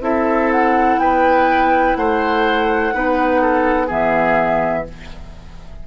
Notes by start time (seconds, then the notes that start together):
0.00 C4 E4 A4 E5
0.51 F#5
0.97 B3 B4 G5
1.96 A3 C5 F#5
2.93 B3 D#4 B4
3.41 A4
3.86 E3 B3 G#4 E5